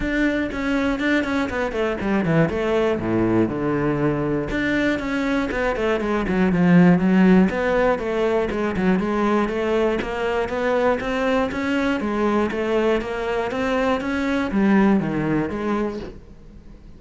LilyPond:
\new Staff \with { instrumentName = "cello" } { \time 4/4 \tempo 4 = 120 d'4 cis'4 d'8 cis'8 b8 a8 | g8 e8 a4 a,4 d4~ | d4 d'4 cis'4 b8 a8 | gis8 fis8 f4 fis4 b4 |
a4 gis8 fis8 gis4 a4 | ais4 b4 c'4 cis'4 | gis4 a4 ais4 c'4 | cis'4 g4 dis4 gis4 | }